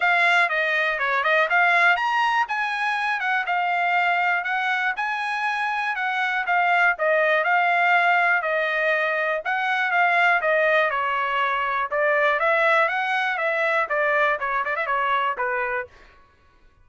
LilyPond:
\new Staff \with { instrumentName = "trumpet" } { \time 4/4 \tempo 4 = 121 f''4 dis''4 cis''8 dis''8 f''4 | ais''4 gis''4. fis''8 f''4~ | f''4 fis''4 gis''2 | fis''4 f''4 dis''4 f''4~ |
f''4 dis''2 fis''4 | f''4 dis''4 cis''2 | d''4 e''4 fis''4 e''4 | d''4 cis''8 d''16 e''16 cis''4 b'4 | }